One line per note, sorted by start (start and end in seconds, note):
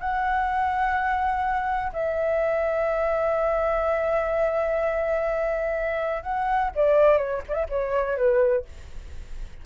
0.00 1.92 F#5
1.93 6.22 E5
6.22 6.70 F#5
6.75 7.17 D5
7.17 7.41 C#5
7.48 7.53 D5
7.48 7.65 E5
7.69 8.17 C#5
8.17 8.65 B4